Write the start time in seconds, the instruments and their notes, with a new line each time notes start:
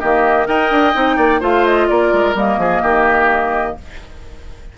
0.00 bassoon D#3, clarinet A#3, oboe G4, flute D#5
0.45 bassoon D#4, clarinet A#4, oboe D#5, flute G5
0.71 bassoon D4
0.94 bassoon C4, clarinet D#4
1.16 bassoon A#3, oboe D5
1.40 bassoon A3, clarinet F4, oboe C5, flute F5
1.65 flute D#5
1.88 bassoon A#3, oboe A#4, flute D5
2.12 bassoon G#3
2.34 bassoon G3, clarinet A#3, flute D#5
2.57 bassoon F3, oboe G#4
2.82 bassoon D#3, oboe G4